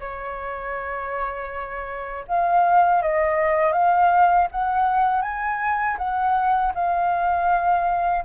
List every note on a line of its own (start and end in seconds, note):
0.00 2.25 C#5
2.28 3.02 F5
3.02 3.73 D#5
3.73 4.48 F5
4.52 5.22 F#5
5.22 5.97 G#5
5.98 6.73 F#5
6.75 8.25 F5